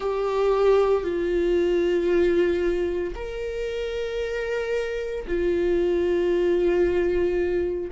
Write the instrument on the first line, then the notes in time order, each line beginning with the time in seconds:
viola
0.00 G4
1.03 F4
3.15 A#4
5.27 F4